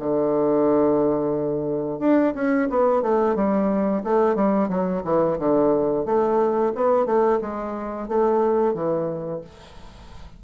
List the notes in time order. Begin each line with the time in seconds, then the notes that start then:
0.00 D3
2.00 D4
2.35 C#4
2.70 B3
3.03 A3
3.36 G3
4.04 A3
4.36 G3
4.69 F#3
5.05 E3
5.39 D3
6.06 A3
6.75 B3
7.06 A3
7.42 G#3
8.09 A3
8.74 E3